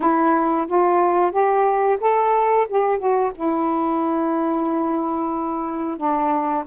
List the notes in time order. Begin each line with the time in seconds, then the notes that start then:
0.00 E4
0.67 F4
1.31 G4
2.00 A4
2.68 G4
2.98 F#4
3.35 E4
5.97 D4